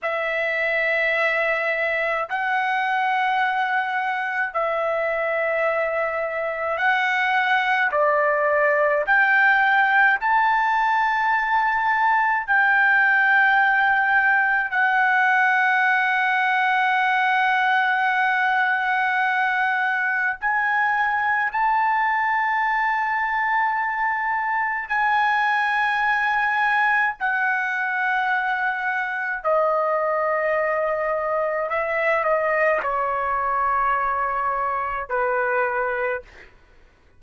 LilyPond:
\new Staff \with { instrumentName = "trumpet" } { \time 4/4 \tempo 4 = 53 e''2 fis''2 | e''2 fis''4 d''4 | g''4 a''2 g''4~ | g''4 fis''2.~ |
fis''2 gis''4 a''4~ | a''2 gis''2 | fis''2 dis''2 | e''8 dis''8 cis''2 b'4 | }